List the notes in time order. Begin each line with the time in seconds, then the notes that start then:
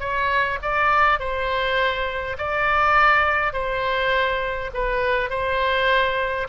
0.00 C#5
0.62 D5
1.20 C5
2.38 D5
3.53 C5
4.74 B4
5.30 C5